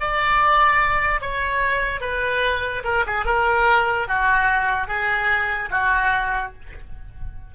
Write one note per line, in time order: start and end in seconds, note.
0.00 1.21 D5
1.21 2.01 C#5
2.01 2.83 B4
2.84 3.05 A#4
3.07 3.25 G#4
3.25 4.08 A#4
4.08 4.87 F#4
4.87 5.69 G#4
5.70 6.53 F#4